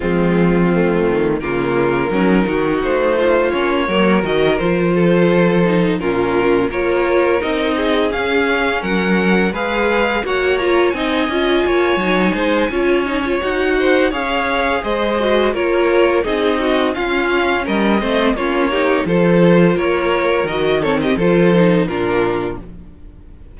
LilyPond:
<<
  \new Staff \with { instrumentName = "violin" } { \time 4/4 \tempo 4 = 85 f'2 ais'2 | c''4 cis''4 dis''8 c''4.~ | c''8 ais'4 cis''4 dis''4 f''8~ | f''8 fis''4 f''4 fis''8 ais''8 gis''8~ |
gis''2. fis''4 | f''4 dis''4 cis''4 dis''4 | f''4 dis''4 cis''4 c''4 | cis''4 dis''8 cis''16 dis''16 c''4 ais'4 | }
  \new Staff \with { instrumentName = "violin" } { \time 4/4 c'2 f'4 cis'8 fis'8~ | fis'8 f'4 ais'4. a'4~ | a'8 f'4 ais'4. gis'4~ | gis'8 ais'4 b'4 cis''4 dis''8~ |
dis''8 cis''4 c''8 cis''4. c''8 | cis''4 c''4 ais'4 gis'8 fis'8 | f'4 ais'8 c''8 f'8 g'8 a'4 | ais'4. a'16 g'16 a'4 f'4 | }
  \new Staff \with { instrumentName = "viola" } { \time 4/4 gis4 a4 ais4 dis'4~ | dis'4 cis'8 ais8 fis'8 f'4. | dis'8 cis'4 f'4 dis'4 cis'8~ | cis'4. gis'4 fis'8 f'8 dis'8 |
f'4 dis'4 f'8 dis'16 f'16 fis'4 | gis'4. fis'8 f'4 dis'4 | cis'4. c'8 cis'8 dis'8 f'4~ | f'4 fis'8 c'8 f'8 dis'8 d'4 | }
  \new Staff \with { instrumentName = "cello" } { \time 4/4 f4. dis8 cis4 fis8 dis8 | a4 ais8 fis8 dis8 f4.~ | f8 ais,4 ais4 c'4 cis'8~ | cis'8 fis4 gis4 ais4 c'8 |
cis'8 ais8 fis8 gis8 cis'4 dis'4 | cis'4 gis4 ais4 c'4 | cis'4 g8 a8 ais4 f4 | ais4 dis4 f4 ais,4 | }
>>